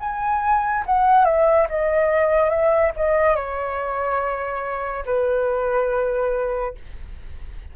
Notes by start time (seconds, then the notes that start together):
0.00 G#5
0.86 F#5
1.25 E5
1.69 D#5
2.49 E5
2.97 D#5
3.35 C#5
5.06 B4